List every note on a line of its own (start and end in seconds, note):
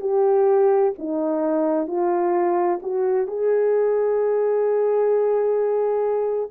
0.00 0.92 G4
0.98 1.87 D#4
1.87 2.79 F4
2.82 3.26 F#4
3.26 6.50 G#4